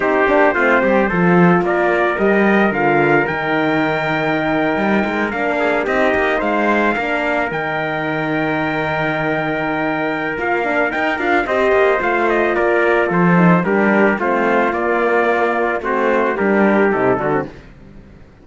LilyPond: <<
  \new Staff \with { instrumentName = "trumpet" } { \time 4/4 \tempo 4 = 110 c''2. d''4 | dis''4 f''4 g''2~ | g''4.~ g''16 f''4 dis''4 f''16~ | f''4.~ f''16 g''2~ g''16~ |
g''2. f''4 | g''8 f''8 dis''4 f''8 dis''8 d''4 | c''4 ais'4 c''4 d''4~ | d''4 c''4 ais'4 a'4 | }
  \new Staff \with { instrumentName = "trumpet" } { \time 4/4 g'4 f'8 g'8 a'4 ais'4~ | ais'1~ | ais'2~ ais'16 gis'8 g'4 c''16~ | c''8. ais'2.~ ais'16~ |
ais'1~ | ais'4 c''2 ais'4 | a'4 g'4 f'2~ | f'4 fis'4 g'4. fis'8 | }
  \new Staff \with { instrumentName = "horn" } { \time 4/4 dis'8 d'8 c'4 f'2 | g'4 f'4 dis'2~ | dis'4.~ dis'16 d'4 dis'4~ dis'16~ | dis'8. d'4 dis'2~ dis'16~ |
dis'2. f'8 d'8 | dis'8 f'8 g'4 f'2~ | f'8 dis'8 d'4 c'4 ais4~ | ais4 c'4 d'4 dis'8 d'16 c'16 | }
  \new Staff \with { instrumentName = "cello" } { \time 4/4 c'8 ais8 a8 g8 f4 ais4 | g4 d4 dis2~ | dis8. g8 gis8 ais4 c'8 ais8 gis16~ | gis8. ais4 dis2~ dis16~ |
dis2. ais4 | dis'8 d'8 c'8 ais8 a4 ais4 | f4 g4 a4 ais4~ | ais4 a4 g4 c8 d8 | }
>>